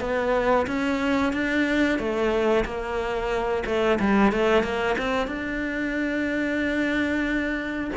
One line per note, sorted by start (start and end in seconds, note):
0.00 0.66 B3
0.67 1.32 C#4
1.32 1.98 D4
1.98 2.64 A3
2.64 3.63 A#3
3.65 3.98 A3
3.99 4.32 G3
4.32 4.63 A3
4.63 4.96 A#3
4.98 5.27 C4
5.27 7.90 D4